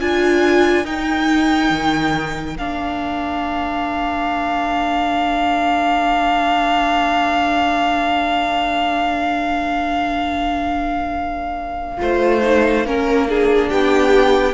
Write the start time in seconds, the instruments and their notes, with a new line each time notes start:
0.00 cello D4, viola F4, violin A#4 G#5
0.84 viola D#4, cello D#4, violin G5
1.70 cello D#3
2.56 cello A#3, viola D4, violin F5
11.98 cello A3, viola F4, violin C5
12.42 viola D#4
12.86 cello A#3, viola C#4, violin A#4
13.28 viola D4, violin G#4
13.69 cello B3, violin G4 G5